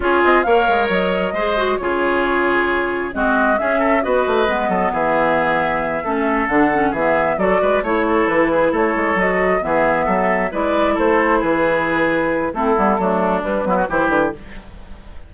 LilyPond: <<
  \new Staff \with { instrumentName = "flute" } { \time 4/4 \tempo 4 = 134 cis''8 dis''8 f''4 dis''2 | cis''2. dis''4 | e''4 dis''2 e''4~ | e''2~ e''8 fis''4 e''8~ |
e''8 d''4 cis''4 b'4 cis''8~ | cis''8 dis''4 e''2 d''8~ | d''8 c''4 b'2~ b'8 | a'2 b'4 c''8 b'8 | }
  \new Staff \with { instrumentName = "oboe" } { \time 4/4 gis'4 cis''2 c''4 | gis'2. fis'4 | gis'8 a'8 b'4. a'8 gis'4~ | gis'4. a'2 gis'8~ |
gis'8 a'8 b'8 cis''8 a'4 gis'8 a'8~ | a'4. gis'4 a'4 b'8~ | b'8 a'4 gis'2~ gis'8 | e'4 d'4. e'16 fis'16 g'4 | }
  \new Staff \with { instrumentName = "clarinet" } { \time 4/4 f'4 ais'2 gis'8 fis'8 | f'2. c'4 | cis'4 fis'4 b2~ | b4. cis'4 d'8 cis'8 b8~ |
b8 fis'4 e'2~ e'8~ | e'8 fis'4 b2 e'8~ | e'1 | c'8 b8 a4 g8 b8 e'4 | }
  \new Staff \with { instrumentName = "bassoon" } { \time 4/4 cis'8 c'8 ais8 gis8 fis4 gis4 | cis2. gis4 | cis'4 b8 a8 gis8 fis8 e4~ | e4. a4 d4 e8~ |
e8 fis8 gis8 a4 e4 a8 | gis8 fis4 e4 fis4 gis8~ | gis8 a4 e2~ e8 | a8 g8 fis4 g8 fis8 e8 d8 | }
>>